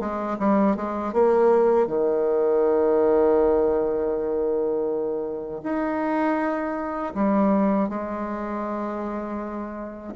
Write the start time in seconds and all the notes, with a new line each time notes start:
0.00 G#3
0.39 G3
0.76 G#3
1.13 A#3
1.87 D#3
5.64 D#4
7.15 G3
7.89 G#3